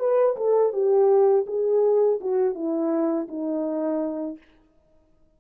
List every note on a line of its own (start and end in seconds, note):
0.00 0.37 B4
0.37 0.73 A4
0.73 1.46 G4
1.47 2.20 G#4
2.21 2.55 F#4
2.55 3.28 E4
3.29 4.38 D#4